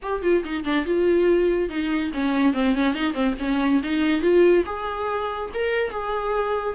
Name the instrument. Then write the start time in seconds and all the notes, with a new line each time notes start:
viola
0.02 G4
0.22 F4
0.44 D#4
0.64 D4
0.85 F4
1.69 D#4
2.13 C#4
2.53 C4
2.74 C#4
2.94 D#4
3.13 C4
3.39 C#4
3.83 D#4
4.21 F4
4.65 G#4
5.54 A#4
5.90 G#4